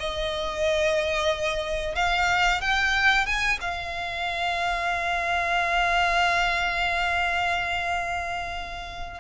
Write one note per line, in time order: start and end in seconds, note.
0.00 1.96 D#5
1.96 2.62 F5
2.62 3.26 G5
3.26 3.59 G#5
3.61 9.21 F5